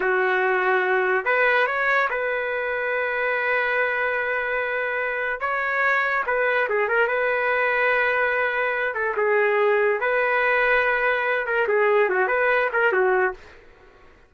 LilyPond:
\new Staff \with { instrumentName = "trumpet" } { \time 4/4 \tempo 4 = 144 fis'2. b'4 | cis''4 b'2.~ | b'1~ | b'4 cis''2 b'4 |
gis'8 ais'8 b'2.~ | b'4. a'8 gis'2 | b'2.~ b'8 ais'8 | gis'4 fis'8 b'4 ais'8 fis'4 | }